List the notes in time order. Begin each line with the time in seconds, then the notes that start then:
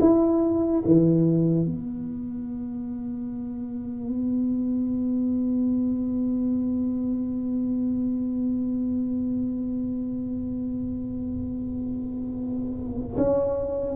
0.00 E4
0.85 E3
1.66 B3
13.17 C#4